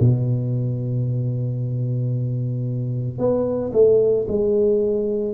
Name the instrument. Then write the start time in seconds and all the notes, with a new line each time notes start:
tuba
0.00 B2
3.18 B3
3.73 A3
4.28 G#3